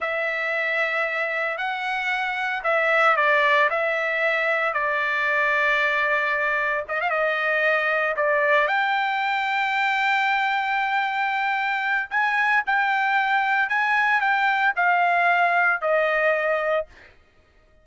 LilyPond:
\new Staff \with { instrumentName = "trumpet" } { \time 4/4 \tempo 4 = 114 e''2. fis''4~ | fis''4 e''4 d''4 e''4~ | e''4 d''2.~ | d''4 dis''16 f''16 dis''2 d''8~ |
d''8 g''2.~ g''8~ | g''2. gis''4 | g''2 gis''4 g''4 | f''2 dis''2 | }